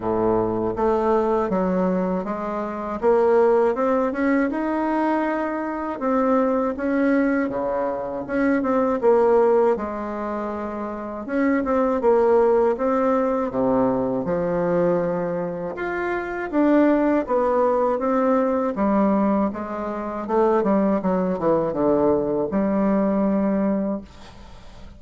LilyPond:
\new Staff \with { instrumentName = "bassoon" } { \time 4/4 \tempo 4 = 80 a,4 a4 fis4 gis4 | ais4 c'8 cis'8 dis'2 | c'4 cis'4 cis4 cis'8 c'8 | ais4 gis2 cis'8 c'8 |
ais4 c'4 c4 f4~ | f4 f'4 d'4 b4 | c'4 g4 gis4 a8 g8 | fis8 e8 d4 g2 | }